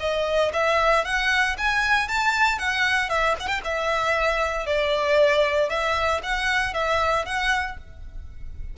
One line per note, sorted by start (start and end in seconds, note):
0.00 0.52 D#5
0.53 1.04 E5
1.04 1.56 F#5
1.58 2.08 G#5
2.08 2.59 A5
2.59 3.09 F#5
3.09 3.35 E5
3.40 3.47 F#5
3.47 3.60 G5
3.64 4.66 E5
4.66 5.69 D5
5.69 6.21 E5
6.23 6.74 F#5
6.74 7.26 E5
7.26 7.77 F#5